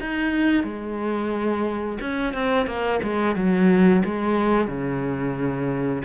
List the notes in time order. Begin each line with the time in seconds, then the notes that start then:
0.00 D#4
0.63 G#3
2.00 C#4
2.34 C4
2.66 A#3
3.02 G#3
3.35 F#3
4.04 G#3
4.67 C#3